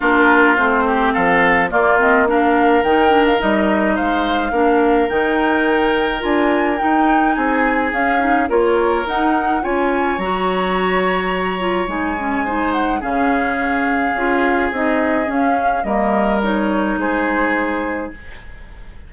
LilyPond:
<<
  \new Staff \with { instrumentName = "flute" } { \time 4/4 \tempo 4 = 106 ais'4 c''4 f''4 d''8 dis''8 | f''4 g''8. f''16 dis''4 f''4~ | f''4 g''2 gis''4 | g''4 gis''4 f''4 cis''4 |
fis''4 gis''4 ais''2~ | ais''4 gis''4. fis''8 f''4~ | f''2 dis''4 f''4 | dis''4 cis''4 c''2 | }
  \new Staff \with { instrumentName = "oboe" } { \time 4/4 f'4. g'8 a'4 f'4 | ais'2. c''4 | ais'1~ | ais'4 gis'2 ais'4~ |
ais'4 cis''2.~ | cis''2 c''4 gis'4~ | gis'1 | ais'2 gis'2 | }
  \new Staff \with { instrumentName = "clarinet" } { \time 4/4 d'4 c'2 ais8 c'8 | d'4 dis'8 d'8 dis'2 | d'4 dis'2 f'4 | dis'2 cis'8 dis'8 f'4 |
dis'4 f'4 fis'2~ | fis'8 f'8 dis'8 cis'8 dis'4 cis'4~ | cis'4 f'4 dis'4 cis'4 | ais4 dis'2. | }
  \new Staff \with { instrumentName = "bassoon" } { \time 4/4 ais4 a4 f4 ais4~ | ais4 dis4 g4 gis4 | ais4 dis2 d'4 | dis'4 c'4 cis'4 ais4 |
dis'4 cis'4 fis2~ | fis4 gis2 cis4~ | cis4 cis'4 c'4 cis'4 | g2 gis2 | }
>>